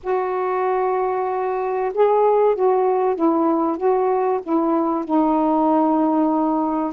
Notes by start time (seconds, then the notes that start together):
0.03 F#4
1.94 G#4
2.55 F#4
3.15 E4
3.77 F#4
4.42 E4
5.04 D#4